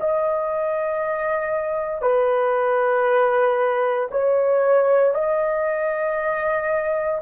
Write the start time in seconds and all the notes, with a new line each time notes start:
0.00 D#5
2.02 B4
4.11 C#5
5.14 D#5